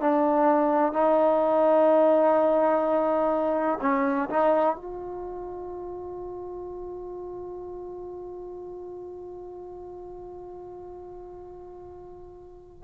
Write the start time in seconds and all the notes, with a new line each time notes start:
0.00 D4
0.93 D#4
3.81 C#4
4.29 D#4
4.75 F4